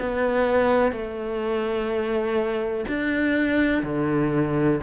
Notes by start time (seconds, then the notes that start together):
0.00 B3
0.91 A3
2.88 D4
3.83 D3